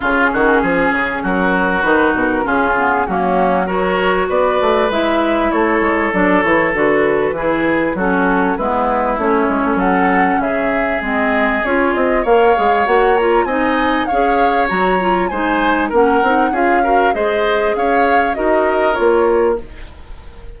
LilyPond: <<
  \new Staff \with { instrumentName = "flute" } { \time 4/4 \tempo 4 = 98 gis'2 ais'4 b'8 ais'8 | gis'4 fis'4 cis''4 d''4 | e''4 cis''4 d''8 cis''8 b'4~ | b'4 a'4 b'4 cis''4 |
fis''4 e''4 dis''4 cis''8 dis''8 | f''4 fis''8 ais''8 gis''4 f''4 | ais''4 gis''4 fis''4 f''4 | dis''4 f''4 dis''4 cis''4 | }
  \new Staff \with { instrumentName = "oboe" } { \time 4/4 f'8 fis'8 gis'4 fis'2 | f'4 cis'4 ais'4 b'4~ | b'4 a'2. | gis'4 fis'4 e'2 |
a'4 gis'2. | cis''2 dis''4 cis''4~ | cis''4 c''4 ais'4 gis'8 ais'8 | c''4 cis''4 ais'2 | }
  \new Staff \with { instrumentName = "clarinet" } { \time 4/4 cis'2. dis'4 | cis'8 b8 ais4 fis'2 | e'2 d'8 e'8 fis'4 | e'4 cis'4 b4 cis'4~ |
cis'2 c'4 f'4 | ais'8 gis'8 fis'8 f'8 dis'4 gis'4 | fis'8 f'8 dis'4 cis'8 dis'8 f'8 fis'8 | gis'2 fis'4 f'4 | }
  \new Staff \with { instrumentName = "bassoon" } { \time 4/4 cis8 dis8 f8 cis8 fis4 dis8 b,8 | cis4 fis2 b8 a8 | gis4 a8 gis8 fis8 e8 d4 | e4 fis4 gis4 a8 gis16 a16 |
fis4 cis4 gis4 cis'8 c'8 | ais8 gis8 ais4 c'4 cis'4 | fis4 gis4 ais8 c'8 cis'4 | gis4 cis'4 dis'4 ais4 | }
>>